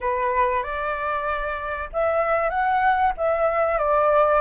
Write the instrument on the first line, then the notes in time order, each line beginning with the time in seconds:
flute
0.00 B4
0.63 D5
1.92 E5
2.49 F#5
3.17 E5
3.78 D5